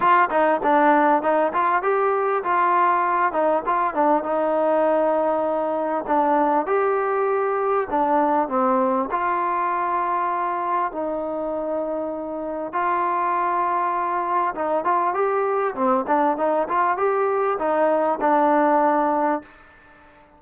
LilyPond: \new Staff \with { instrumentName = "trombone" } { \time 4/4 \tempo 4 = 99 f'8 dis'8 d'4 dis'8 f'8 g'4 | f'4. dis'8 f'8 d'8 dis'4~ | dis'2 d'4 g'4~ | g'4 d'4 c'4 f'4~ |
f'2 dis'2~ | dis'4 f'2. | dis'8 f'8 g'4 c'8 d'8 dis'8 f'8 | g'4 dis'4 d'2 | }